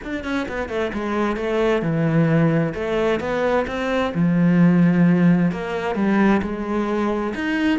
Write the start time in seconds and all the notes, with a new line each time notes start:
0.04 D4
0.24 C#4
0.48 B3
0.68 A3
0.93 G#3
1.36 A3
1.82 E3
2.74 A3
3.20 B3
3.67 C4
4.14 F3
5.51 A#3
5.95 G3
6.41 G#3
7.34 D#4